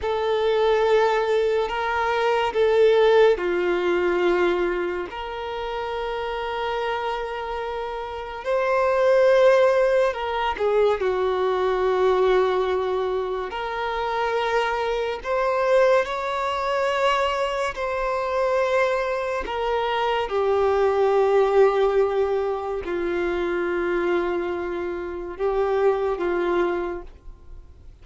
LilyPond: \new Staff \with { instrumentName = "violin" } { \time 4/4 \tempo 4 = 71 a'2 ais'4 a'4 | f'2 ais'2~ | ais'2 c''2 | ais'8 gis'8 fis'2. |
ais'2 c''4 cis''4~ | cis''4 c''2 ais'4 | g'2. f'4~ | f'2 g'4 f'4 | }